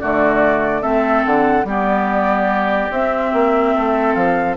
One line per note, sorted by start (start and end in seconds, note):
0.00 0.84 D3
0.00 0.82 A3
0.00 0.82 F#4
0.00 0.83 D5
0.82 1.26 A3
0.82 1.66 C4
0.82 1.65 A4
0.82 1.24 E5
1.26 1.64 D3
1.26 1.67 F#5
1.64 2.89 G3
1.64 2.93 B3
1.64 3.75 G4
1.64 2.93 D5
2.91 3.33 C4
2.91 4.58 C4
2.91 4.14 E5
3.34 3.75 A#3
3.75 4.16 A3
3.75 4.58 A4
4.14 4.57 F3
4.14 4.56 F5